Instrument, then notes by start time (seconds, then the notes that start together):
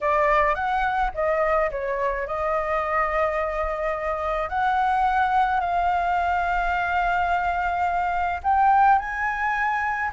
flute
0.01 D5
0.54 F#5
1.14 D#5
1.71 C#5
2.26 D#5
4.49 F#5
5.60 F5
8.43 G5
8.98 G#5